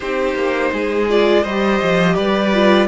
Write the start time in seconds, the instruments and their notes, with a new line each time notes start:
0.00 cello C4, viola D#4, violin G4 C5
0.34 cello A#3
0.72 cello G#3, violin G#4
1.08 viola F4, violin D5
1.41 cello G3, violin C5 D#5
1.48 viola G4
1.82 cello F3
2.15 cello G3, violin B4 D5
2.53 viola F4